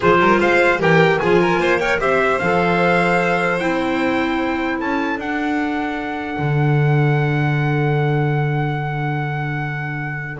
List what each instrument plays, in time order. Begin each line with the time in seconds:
0.00 double bass F3, clarinet F4, violin G#4, trumpet C5
0.19 double bass G3, violin A#4
0.39 double bass G#3, violin C5, trumpet F5
0.79 double bass E3, clarinet G4, violin A#4, trumpet G5
1.19 double bass F3, clarinet F4, violin G#4, trumpet G#5
1.40 violin A#4
1.58 double bass A#3, violin C5
1.79 clarinet A#4, violin C#5, trumpet G5
1.99 double bass C4, clarinet G4, violin C5, trumpet E5
2.39 double bass F3, clarinet A4, trumpet F5
3.58 double bass C4, clarinet E4, trumpet G5
4.77 double bass C#4, violin A4, trumpet A5
5.17 double bass D4, clarinet D4, trumpet F#5
6.38 double bass D3